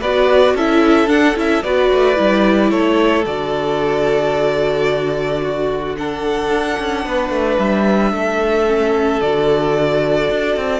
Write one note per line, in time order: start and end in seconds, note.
0.00 0.54 B3
0.00 0.58 F#4
0.00 0.54 B4
0.00 0.56 D5
0.54 1.07 C#4
0.54 1.07 E4
0.54 1.63 A4
0.54 1.09 E5
1.07 1.34 D4
1.07 1.36 F#5
1.35 1.63 C#4
1.35 1.62 E4
1.35 1.63 E5
1.63 1.90 B3
1.63 2.15 F#4
1.63 2.71 B4
1.63 2.70 D5
1.91 2.18 A3
2.15 2.71 G3
2.15 3.23 E4
2.70 3.25 A3
2.70 5.41 A4
2.70 3.25 C#5
3.26 6.50 D3
3.26 5.96 F#4
3.26 5.96 D5
5.42 5.97 F#4
5.96 8.67 D4
5.96 7.04 A4
5.96 7.58 F#5
6.50 6.77 D4
6.79 7.05 C#4
7.04 7.30 B3
7.04 8.11 B4
7.30 7.57 A3
7.58 8.12 G3
7.58 9.21 E5
8.11 9.20 A3
8.11 10.80 A4
8.67 9.21 C#4
9.21 10.29 D3
9.21 10.80 F#4
9.21 10.80 D5
10.30 10.56 D4
10.56 10.80 C4